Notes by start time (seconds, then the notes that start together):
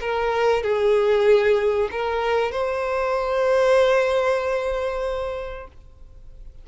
0.00 A#4
0.63 G#4
1.91 A#4
2.51 C5